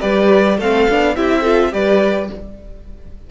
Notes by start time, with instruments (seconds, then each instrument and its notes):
0.00 cello G3, viola G4, violin B4 D5
0.57 cello A3, viola C4, violin A4 F5
0.89 cello B3, viola D4
1.16 cello C4, viola E4, violin G4 E5
1.41 viola F4, violin A4
1.71 cello G3, viola G4, violin B4 D5